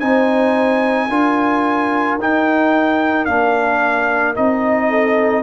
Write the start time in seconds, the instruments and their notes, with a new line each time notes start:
0.00 tuba C4, trombone D#4, horn C5, trumpet G#5
1.09 tuba D4, trombone F4, horn A#4
2.19 tuba D#4, trombone D#4, trumpet G5
3.26 tuba A#3, trombone D4, trumpet F5
4.35 tuba C4, trombone D#4, trumpet D#5
4.89 horn A4